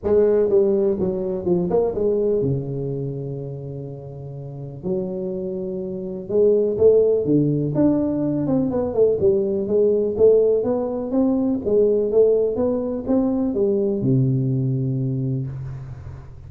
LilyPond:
\new Staff \with { instrumentName = "tuba" } { \time 4/4 \tempo 4 = 124 gis4 g4 fis4 f8 ais8 | gis4 cis2.~ | cis2 fis2~ | fis4 gis4 a4 d4 |
d'4. c'8 b8 a8 g4 | gis4 a4 b4 c'4 | gis4 a4 b4 c'4 | g4 c2. | }